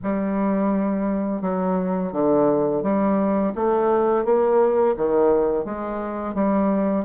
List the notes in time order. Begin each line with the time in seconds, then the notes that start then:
0.03 G3
1.41 F#3
2.12 D3
2.82 G3
3.55 A3
4.24 A#3
4.96 D#3
5.64 G#3
6.34 G3